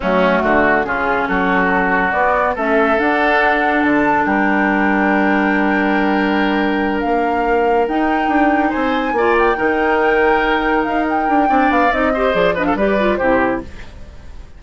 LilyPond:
<<
  \new Staff \with { instrumentName = "flute" } { \time 4/4 \tempo 4 = 141 fis'2 gis'4 a'4~ | a'4 d''4 e''4 fis''4~ | fis''4 a''4 g''2~ | g''1~ |
g''8 f''2 g''4.~ | g''8 gis''4. g''2~ | g''4. f''8 g''4. f''8 | dis''4 d''8 dis''16 f''16 d''4 c''4 | }
  \new Staff \with { instrumentName = "oboe" } { \time 4/4 cis'4 fis'4 f'4 fis'4~ | fis'2 a'2~ | a'2 ais'2~ | ais'1~ |
ais'1~ | ais'8 c''4 d''4 ais'4.~ | ais'2. d''4~ | d''8 c''4 b'16 a'16 b'4 g'4 | }
  \new Staff \with { instrumentName = "clarinet" } { \time 4/4 a2 cis'2~ | cis'4 b4 cis'4 d'4~ | d'1~ | d'1~ |
d'2~ d'8 dis'4.~ | dis'4. f'4 dis'4.~ | dis'2. d'4 | dis'8 g'8 gis'8 d'8 g'8 f'8 e'4 | }
  \new Staff \with { instrumentName = "bassoon" } { \time 4/4 fis4 d4 cis4 fis4~ | fis4 b4 a4 d'4~ | d'4 d4 g2~ | g1~ |
g8 ais2 dis'4 d'8~ | d'8 c'4 ais4 dis4.~ | dis4. dis'4 d'8 c'8 b8 | c'4 f4 g4 c4 | }
>>